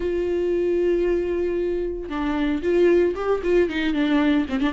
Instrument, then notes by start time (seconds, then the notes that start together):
viola
0.00 F4
2.09 D4
2.62 F4
3.15 G4
3.43 F4
3.69 D#4
3.93 D4
4.49 C4
4.60 D4